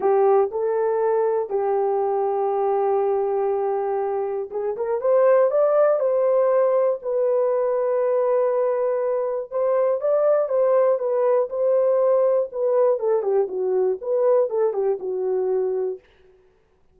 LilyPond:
\new Staff \with { instrumentName = "horn" } { \time 4/4 \tempo 4 = 120 g'4 a'2 g'4~ | g'1~ | g'4 gis'8 ais'8 c''4 d''4 | c''2 b'2~ |
b'2. c''4 | d''4 c''4 b'4 c''4~ | c''4 b'4 a'8 g'8 fis'4 | b'4 a'8 g'8 fis'2 | }